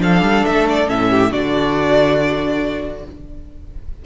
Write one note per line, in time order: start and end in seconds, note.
0.00 0.22 F3
0.00 0.86 D4
0.00 1.10 A4
0.00 0.45 F5
0.22 0.43 G3
0.45 0.89 A3
0.45 0.67 E5
0.68 0.89 D5
0.87 1.33 A2
0.87 1.30 C#4
0.87 1.32 E5
1.10 1.31 G4
1.30 3.05 D3
1.30 3.03 D4
1.30 3.04 F#4
1.30 3.05 D5